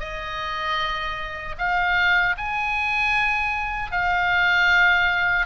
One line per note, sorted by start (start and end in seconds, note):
0.00 1.56 D#5
1.58 2.36 F5
2.38 3.92 G#5
3.92 5.47 F5